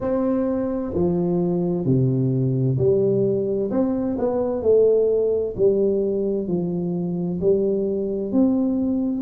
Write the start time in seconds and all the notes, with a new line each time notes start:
0.00 C4
0.94 F3
1.85 C3
2.77 G3
3.70 C4
4.18 B3
4.62 A3
5.56 G3
6.47 F3
7.41 G3
8.32 C4